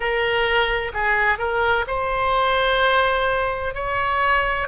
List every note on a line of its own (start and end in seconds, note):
0.00 0.92 A#4
0.93 1.38 G#4
1.38 1.85 A#4
1.87 3.74 C5
3.74 4.67 C#5